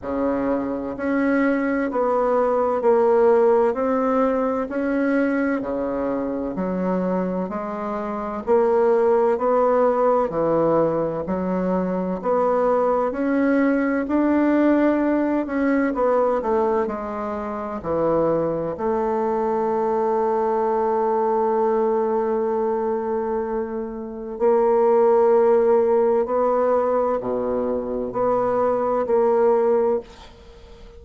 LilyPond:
\new Staff \with { instrumentName = "bassoon" } { \time 4/4 \tempo 4 = 64 cis4 cis'4 b4 ais4 | c'4 cis'4 cis4 fis4 | gis4 ais4 b4 e4 | fis4 b4 cis'4 d'4~ |
d'8 cis'8 b8 a8 gis4 e4 | a1~ | a2 ais2 | b4 b,4 b4 ais4 | }